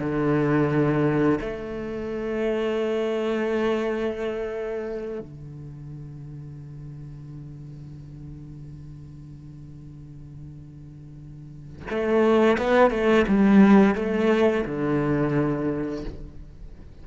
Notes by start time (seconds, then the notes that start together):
0.00 D3
1.41 A3
5.20 D3
11.90 A3
12.58 B3
12.91 A3
13.28 G3
13.95 A3
14.65 D3